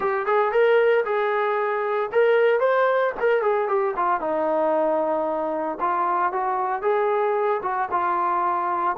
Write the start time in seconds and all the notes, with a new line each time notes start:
0.00 G4
0.26 G#4
0.51 A#4
1.05 G#4
2.12 A#4
2.60 C5
3.20 A#4
3.42 G#4
3.67 G4
3.96 F4
4.20 D#4
5.80 F4
6.32 F#4
6.82 G#4
7.62 F#4
7.91 F4